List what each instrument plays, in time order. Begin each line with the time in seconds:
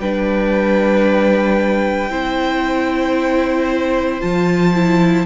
0.00 cello G3, viola D4, violin B4 G5
2.10 cello C4, viola E4, violin C5
4.21 cello F3, viola F4, violin A5
4.75 viola E4